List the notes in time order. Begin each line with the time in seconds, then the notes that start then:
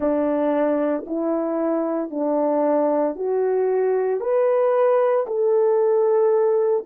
0.00 D4
1.06 E4
2.10 D4
3.15 F#4
4.20 B4
5.26 A4